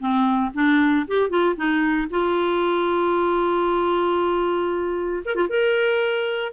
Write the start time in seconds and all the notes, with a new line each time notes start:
0.00 C4
0.55 D4
1.08 G4
1.30 F4
1.56 D#4
2.11 F4
5.26 A#4
5.35 F4
5.50 A#4